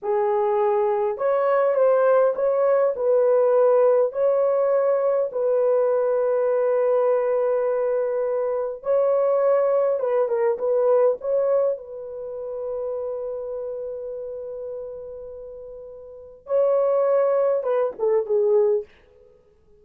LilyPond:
\new Staff \with { instrumentName = "horn" } { \time 4/4 \tempo 4 = 102 gis'2 cis''4 c''4 | cis''4 b'2 cis''4~ | cis''4 b'2.~ | b'2. cis''4~ |
cis''4 b'8 ais'8 b'4 cis''4 | b'1~ | b'1 | cis''2 b'8 a'8 gis'4 | }